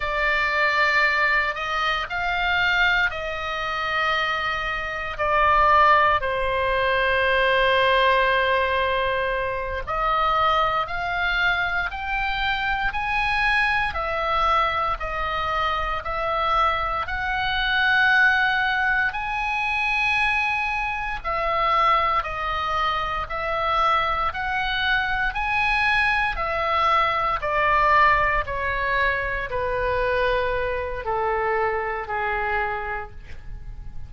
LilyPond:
\new Staff \with { instrumentName = "oboe" } { \time 4/4 \tempo 4 = 58 d''4. dis''8 f''4 dis''4~ | dis''4 d''4 c''2~ | c''4. dis''4 f''4 g''8~ | g''8 gis''4 e''4 dis''4 e''8~ |
e''8 fis''2 gis''4.~ | gis''8 e''4 dis''4 e''4 fis''8~ | fis''8 gis''4 e''4 d''4 cis''8~ | cis''8 b'4. a'4 gis'4 | }